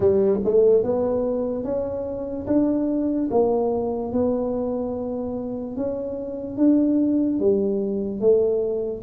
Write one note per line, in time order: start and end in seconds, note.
0.00 0.39 G3
0.44 0.83 A3
0.83 1.64 B3
1.64 2.46 C#4
2.47 3.29 D4
3.30 4.12 A#3
4.12 5.76 B3
5.76 6.57 C#4
6.57 7.39 D4
7.39 8.20 G3
8.20 9.02 A3